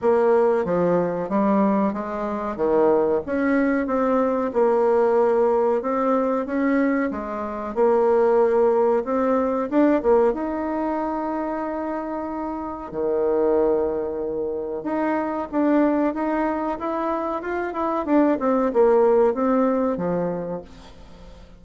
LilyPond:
\new Staff \with { instrumentName = "bassoon" } { \time 4/4 \tempo 4 = 93 ais4 f4 g4 gis4 | dis4 cis'4 c'4 ais4~ | ais4 c'4 cis'4 gis4 | ais2 c'4 d'8 ais8 |
dis'1 | dis2. dis'4 | d'4 dis'4 e'4 f'8 e'8 | d'8 c'8 ais4 c'4 f4 | }